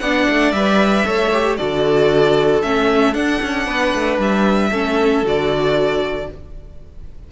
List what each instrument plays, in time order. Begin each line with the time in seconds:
0.00 cello B3, viola D4, violin D5 F#5
0.30 cello A3
0.52 cello G3, viola B4, violin E5
1.05 cello A3, viola A4, violin C#5
1.33 viola G4
1.57 cello D3, viola F#4, violin A4 D5
2.62 cello A3, viola C#4, violin E5
3.14 viola D4, cello D4, violin F#5
3.42 cello C#4
3.67 cello B3, violin B4
3.95 cello A3
4.19 cello G3, violin E5
4.71 cello A3, viola C#4, violin A4
5.23 cello D3, viola F#4, violin D5